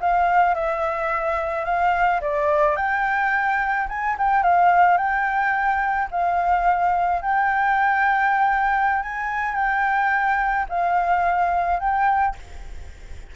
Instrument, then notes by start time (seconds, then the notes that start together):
flute
0.00 F5
0.54 E5
1.65 F5
2.21 D5
2.76 G5
3.88 G#5
4.18 G5
4.43 F5
4.97 G5
6.11 F5
7.21 G5
9.02 G#5
9.55 G5
10.69 F5
11.79 G5